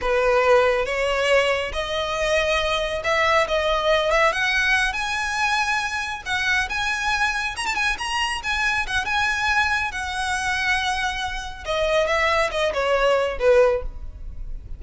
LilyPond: \new Staff \with { instrumentName = "violin" } { \time 4/4 \tempo 4 = 139 b'2 cis''2 | dis''2. e''4 | dis''4. e''8 fis''4. gis''8~ | gis''2~ gis''8 fis''4 gis''8~ |
gis''4. ais''16 a''16 gis''8 ais''4 gis''8~ | gis''8 fis''8 gis''2 fis''4~ | fis''2. dis''4 | e''4 dis''8 cis''4. b'4 | }